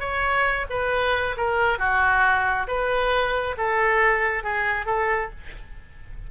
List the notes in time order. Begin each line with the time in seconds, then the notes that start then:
0.00 C#5
0.70 B4
1.37 A#4
1.79 F#4
2.68 B4
3.58 A4
4.44 G#4
4.86 A4